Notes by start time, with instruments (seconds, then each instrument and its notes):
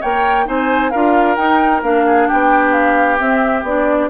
0.00 bassoon A#3, clarinet A#4, oboe C#5, flute G5
0.45 bassoon C4, clarinet D#4, oboe C5, flute G#5
0.90 bassoon D4, clarinet F4, oboe A#4, flute F5
1.35 clarinet D#4, bassoon D#4, flute G5
1.82 bassoon A#3, clarinet D4, flute F5
2.05 oboe G#4
2.27 bassoon B3, oboe G4, flute G5
2.72 flute F5
3.18 clarinet C4, bassoon C4, flute E5
3.62 bassoon B3, clarinet D4, flute D5